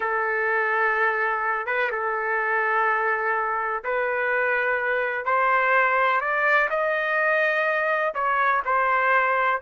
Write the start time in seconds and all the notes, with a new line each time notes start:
0.00 A4
1.66 B4
1.91 A4
3.84 B4
5.25 C5
6.20 D5
6.70 D#5
8.14 C#5
8.65 C5